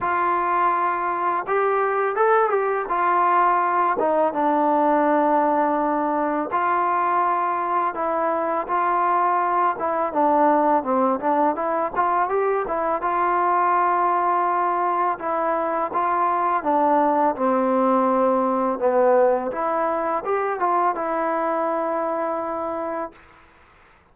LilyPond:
\new Staff \with { instrumentName = "trombone" } { \time 4/4 \tempo 4 = 83 f'2 g'4 a'8 g'8 | f'4. dis'8 d'2~ | d'4 f'2 e'4 | f'4. e'8 d'4 c'8 d'8 |
e'8 f'8 g'8 e'8 f'2~ | f'4 e'4 f'4 d'4 | c'2 b4 e'4 | g'8 f'8 e'2. | }